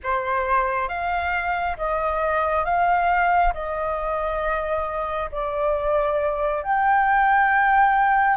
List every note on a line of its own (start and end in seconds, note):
0.03 0.88 C5
0.88 1.76 F5
1.76 2.65 D#5
2.65 3.53 F5
3.53 5.29 D#5
5.31 6.63 D5
6.63 8.37 G5